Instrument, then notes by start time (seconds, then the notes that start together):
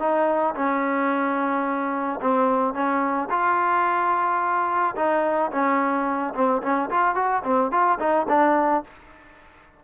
trombone
0.00 D#4
0.55 C#4
2.21 C4
2.74 C#4
3.30 F4
4.96 D#4
5.52 C#4
6.35 C4
6.63 C#4
6.90 F4
7.15 F#4
7.44 C4
7.72 F4
8.00 D#4
8.29 D4